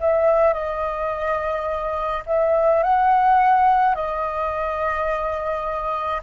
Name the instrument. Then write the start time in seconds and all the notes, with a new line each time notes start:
flute
0.00 E5
0.54 D#5
2.26 E5
2.83 F#5
3.95 D#5